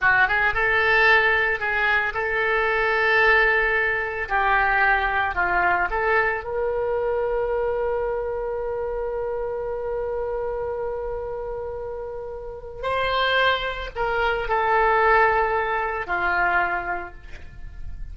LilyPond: \new Staff \with { instrumentName = "oboe" } { \time 4/4 \tempo 4 = 112 fis'8 gis'8 a'2 gis'4 | a'1 | g'2 f'4 a'4 | ais'1~ |
ais'1~ | ais'1 | c''2 ais'4 a'4~ | a'2 f'2 | }